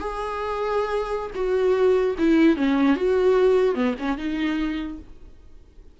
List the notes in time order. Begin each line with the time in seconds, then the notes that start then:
0.00 G#4
1.35 F#4
2.18 E4
2.56 C#4
2.96 F#4
3.75 B3
3.99 C#4
4.18 D#4